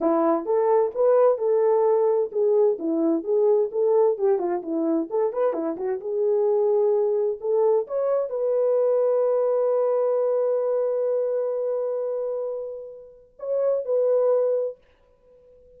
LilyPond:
\new Staff \with { instrumentName = "horn" } { \time 4/4 \tempo 4 = 130 e'4 a'4 b'4 a'4~ | a'4 gis'4 e'4 gis'4 | a'4 g'8 f'8 e'4 a'8 b'8 | e'8 fis'8 gis'2. |
a'4 cis''4 b'2~ | b'1~ | b'1~ | b'4 cis''4 b'2 | }